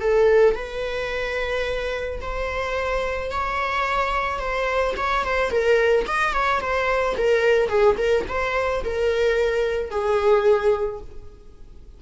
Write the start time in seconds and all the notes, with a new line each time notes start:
0.00 A4
0.55 B4
2.21 C5
3.31 C#5
4.39 C5
4.96 C#5
5.24 C5
5.51 A#4
6.07 D#5
6.33 C#5
6.61 C5
7.17 A#4
7.68 G#4
7.97 A#4
8.28 C5
8.84 A#4
9.90 G#4